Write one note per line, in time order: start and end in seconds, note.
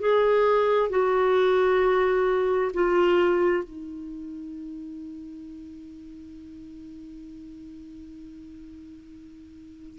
0.00 0.90 G#4
0.90 2.72 F#4
2.74 3.64 F4
3.64 9.99 D#4